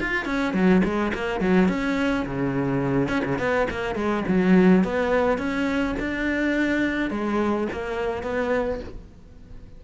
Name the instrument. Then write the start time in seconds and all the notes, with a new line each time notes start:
cello
0.00 F4
0.25 C#4
0.54 F#3
0.84 G#3
1.14 A#3
1.40 F#3
1.68 C#4
2.26 C#3
3.08 C#4
3.25 C#3
3.38 B3
3.70 A#3
3.95 G#3
4.28 F#3
4.84 B3
5.38 C#4
5.99 D4
7.10 G#3
7.72 A#3
8.23 B3